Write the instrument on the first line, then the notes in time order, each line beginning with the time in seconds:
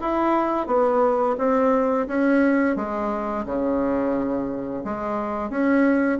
bassoon
0.00 E4
0.66 B3
1.38 C4
2.07 C#4
2.76 G#3
3.45 C#3
4.84 G#3
5.50 C#4